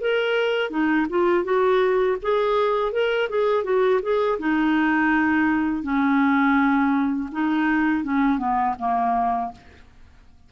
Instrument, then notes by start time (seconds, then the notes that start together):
clarinet
0.00 A#4
0.70 D#4
1.09 F4
1.44 F#4
2.22 G#4
2.92 A#4
3.29 G#4
3.64 F#4
4.02 G#4
4.39 D#4
5.83 C#4
7.31 D#4
8.04 C#4
8.38 B3
8.78 A#3